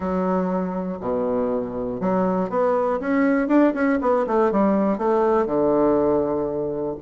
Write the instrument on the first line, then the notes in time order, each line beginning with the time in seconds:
bassoon
0.00 F#3
1.00 B2
2.00 F#3
2.49 B3
3.00 C#4
3.47 D4
3.74 C#4
4.01 B3
4.26 A3
4.51 G3
4.97 A3
5.46 D3